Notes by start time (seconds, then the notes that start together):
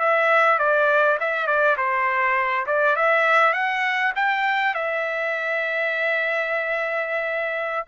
0.00 E5
0.59 D5
1.20 E5
1.47 D5
1.77 C5
2.67 D5
2.96 E5
3.54 F#5
4.16 G5
4.75 E5